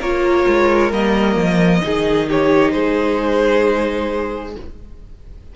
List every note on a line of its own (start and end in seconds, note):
0.00 0.46 A#3
0.00 0.92 F4
0.00 1.82 A#4
0.00 0.92 C#5
0.48 0.92 G#3
0.92 1.36 G3
0.92 1.82 A#3
0.92 2.30 D#5
1.36 1.82 F3
1.82 2.75 D#3
1.82 4.55 D#4
1.82 2.29 G#4
2.29 2.74 G4
2.29 2.72 C#5
2.72 4.56 G#3
2.72 4.56 G#4
2.72 4.54 C5